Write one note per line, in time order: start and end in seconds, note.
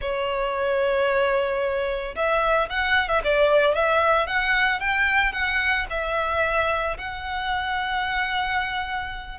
0.01 2.15 C#5
2.15 2.69 E5
2.69 3.08 F#5
3.08 3.21 E5
3.24 3.75 D5
3.75 4.26 E5
4.26 4.79 F#5
4.79 5.32 G5
5.32 5.86 F#5
5.90 6.97 E5
6.97 9.38 F#5